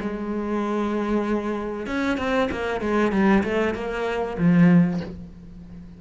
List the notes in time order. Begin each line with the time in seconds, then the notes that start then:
0.00 G#3
1.86 C#4
2.17 C4
2.51 A#3
2.80 G#3
3.11 G3
3.43 A3
3.74 A#3
4.38 F3